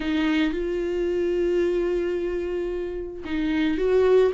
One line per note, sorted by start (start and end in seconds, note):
0.00 0.53 D#4
0.53 3.23 F4
3.24 3.77 D#4
3.77 4.31 F#4